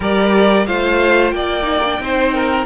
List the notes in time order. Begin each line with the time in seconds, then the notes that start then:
0.00 G3 G4 A#4 D5
0.66 A3 F4 C5 F5
1.30 A#3 D5 G5
1.62 D#4
1.84 D4
1.99 C4 D#4 C5
2.33 A#4